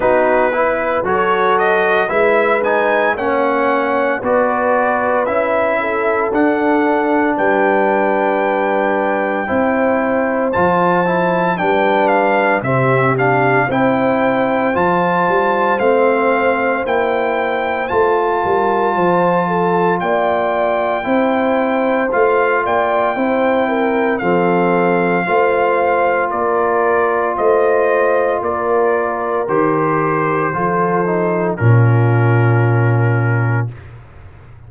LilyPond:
<<
  \new Staff \with { instrumentName = "trumpet" } { \time 4/4 \tempo 4 = 57 b'4 cis''8 dis''8 e''8 gis''8 fis''4 | d''4 e''4 fis''4 g''4~ | g''2 a''4 g''8 f''8 | e''8 f''8 g''4 a''4 f''4 |
g''4 a''2 g''4~ | g''4 f''8 g''4. f''4~ | f''4 d''4 dis''4 d''4 | c''2 ais'2 | }
  \new Staff \with { instrumentName = "horn" } { \time 4/4 fis'8 b'8 a'4 b'4 cis''4 | b'4. a'4. b'4~ | b'4 c''2 b'4 | g'4 c''2.~ |
c''4. ais'8 c''8 a'8 d''4 | c''4. d''8 c''8 ais'8 a'4 | c''4 ais'4 c''4 ais'4~ | ais'4 a'4 f'2 | }
  \new Staff \with { instrumentName = "trombone" } { \time 4/4 dis'8 e'8 fis'4 e'8 dis'8 cis'4 | fis'4 e'4 d'2~ | d'4 e'4 f'8 e'8 d'4 | c'8 d'8 e'4 f'4 c'4 |
e'4 f'2. | e'4 f'4 e'4 c'4 | f'1 | g'4 f'8 dis'8 cis'2 | }
  \new Staff \with { instrumentName = "tuba" } { \time 4/4 b4 fis4 gis4 ais4 | b4 cis'4 d'4 g4~ | g4 c'4 f4 g4 | c4 c'4 f8 g8 a4 |
ais4 a8 g8 f4 ais4 | c'4 a8 ais8 c'4 f4 | a4 ais4 a4 ais4 | dis4 f4 ais,2 | }
>>